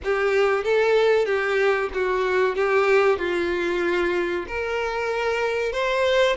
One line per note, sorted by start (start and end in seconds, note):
0.04 0.64 G4
0.64 1.25 A4
1.25 1.89 G4
1.93 2.55 F#4
2.55 3.18 G4
3.18 4.46 F4
4.47 5.72 A#4
5.72 6.36 C5